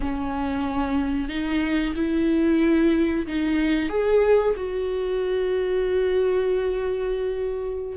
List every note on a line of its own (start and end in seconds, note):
0.00 1.28 C#4
1.28 1.94 D#4
1.95 3.26 E4
3.26 3.89 D#4
3.89 4.54 G#4
4.56 7.97 F#4